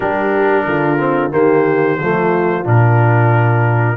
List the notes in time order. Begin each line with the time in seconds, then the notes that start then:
0.00 G3 D4 G4 A#4
0.65 D3 F4
0.98 C4
1.30 D#3 A#3 G4 C5
2.01 F3 A3 F4
2.64 A#2 D4 A#4